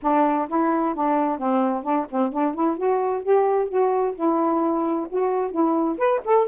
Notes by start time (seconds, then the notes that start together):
0.02 D4
0.48 E4
0.94 D4
1.38 C4
1.83 D4
2.10 C4
2.32 D4
2.54 E4
2.77 F#4
3.22 G4
3.68 F#4
4.15 E4
5.09 F#4
5.51 E4
5.97 B4
6.25 A4